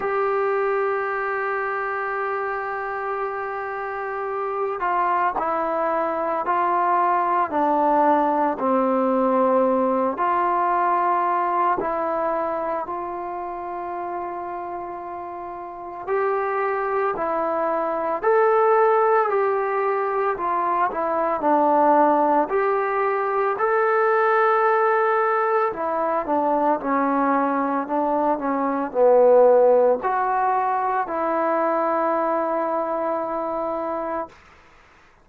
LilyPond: \new Staff \with { instrumentName = "trombone" } { \time 4/4 \tempo 4 = 56 g'1~ | g'8 f'8 e'4 f'4 d'4 | c'4. f'4. e'4 | f'2. g'4 |
e'4 a'4 g'4 f'8 e'8 | d'4 g'4 a'2 | e'8 d'8 cis'4 d'8 cis'8 b4 | fis'4 e'2. | }